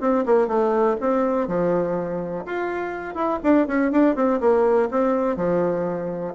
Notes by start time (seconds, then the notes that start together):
0.00 C4
0.25 A#3
0.47 A3
1.00 C4
1.47 F3
2.45 F4
3.14 E4
3.43 D4
3.67 C#4
3.91 D4
4.15 C4
4.40 A#3
4.90 C4
5.36 F3